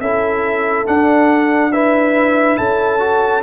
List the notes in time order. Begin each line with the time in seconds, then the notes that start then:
0.00 C#4 E4 A4 E5
0.86 D4 F#5
1.72 E4 B4 E5
2.57 C#4 A4 A5
2.99 F#4